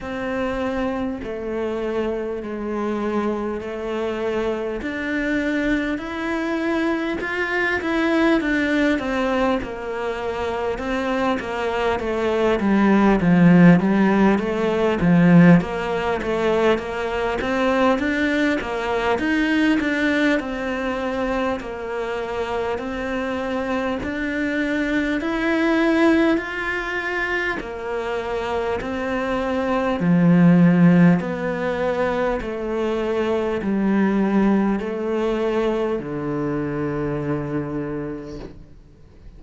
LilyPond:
\new Staff \with { instrumentName = "cello" } { \time 4/4 \tempo 4 = 50 c'4 a4 gis4 a4 | d'4 e'4 f'8 e'8 d'8 c'8 | ais4 c'8 ais8 a8 g8 f8 g8 | a8 f8 ais8 a8 ais8 c'8 d'8 ais8 |
dis'8 d'8 c'4 ais4 c'4 | d'4 e'4 f'4 ais4 | c'4 f4 b4 a4 | g4 a4 d2 | }